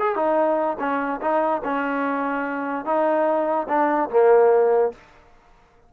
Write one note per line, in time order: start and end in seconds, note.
0.00 0.16 G#4
0.16 0.78 D#4
0.79 1.20 C#4
1.21 1.62 D#4
1.64 2.85 C#4
2.85 3.67 D#4
3.69 4.10 D4
4.10 4.92 A#3